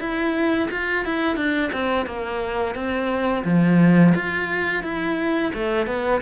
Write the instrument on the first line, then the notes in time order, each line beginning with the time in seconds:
cello
0.00 E4
0.71 F4
1.05 E4
1.36 D4
1.73 C4
2.06 A#3
2.75 C4
3.45 F3
4.15 F4
4.84 E4
5.54 A3
5.87 B3